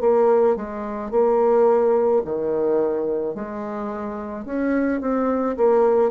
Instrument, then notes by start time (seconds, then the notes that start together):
bassoon
0.00 A#3
0.56 G#3
1.11 A#3
2.24 D#3
3.34 G#3
4.44 C#4
5.01 C4
5.56 A#3